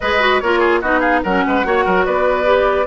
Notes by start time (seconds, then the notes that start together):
0.00 G#3 G#4 B4 D#5
0.20 F#4
0.40 A#3 F4 A#4 C#5
0.59 G#4
0.81 B3 D#4 F#4 D#5
0.99 G#4 F5
1.23 F#3 C#4 A#4 F#5
1.46 G#3 B4
1.64 A#3 F#4 C#5
1.85 F#3 A#4
2.05 B3 B4 D5
2.44 G4